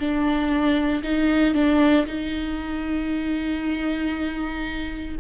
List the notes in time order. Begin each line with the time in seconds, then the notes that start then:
0.00 D4
1.03 D#4
1.55 D4
2.07 D#4